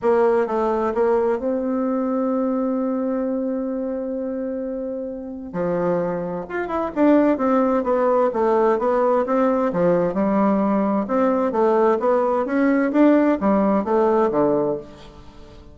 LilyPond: \new Staff \with { instrumentName = "bassoon" } { \time 4/4 \tempo 4 = 130 ais4 a4 ais4 c'4~ | c'1~ | c'1 | f2 f'8 e'8 d'4 |
c'4 b4 a4 b4 | c'4 f4 g2 | c'4 a4 b4 cis'4 | d'4 g4 a4 d4 | }